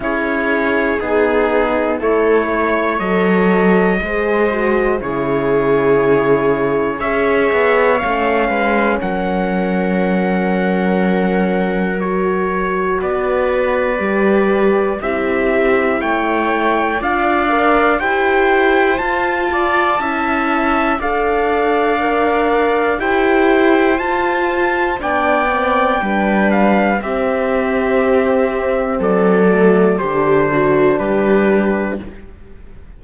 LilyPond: <<
  \new Staff \with { instrumentName = "trumpet" } { \time 4/4 \tempo 4 = 60 cis''4 gis'4 cis''4 dis''4~ | dis''4 cis''2 e''4 | f''4 fis''2. | cis''4 d''2 e''4 |
g''4 f''4 g''4 a''4~ | a''4 f''2 g''4 | a''4 g''4. f''8 e''4~ | e''4 d''4 c''4 b'4 | }
  \new Staff \with { instrumentName = "viola" } { \time 4/4 gis'2 a'8 cis''4. | c''4 gis'2 cis''4~ | cis''8 b'8 ais'2.~ | ais'4 b'2 g'4 |
cis''4 d''4 c''4. d''8 | e''4 d''2 c''4~ | c''4 d''4 b'4 g'4~ | g'4 a'4 g'8 fis'8 g'4 | }
  \new Staff \with { instrumentName = "horn" } { \time 4/4 e'4 dis'4 e'4 a'4 | gis'8 fis'8 e'2 gis'4 | cis'1 | fis'2 g'4 e'4~ |
e'4 f'8 ais'8 g'4 f'4 | e'4 a'4 ais'4 g'4 | f'4 d'8 c'8 d'4 c'4~ | c'4. a8 d'2 | }
  \new Staff \with { instrumentName = "cello" } { \time 4/4 cis'4 b4 a4 fis4 | gis4 cis2 cis'8 b8 | a8 gis8 fis2.~ | fis4 b4 g4 c'4 |
a4 d'4 e'4 f'4 | cis'4 d'2 e'4 | f'4 b4 g4 c'4~ | c'4 fis4 d4 g4 | }
>>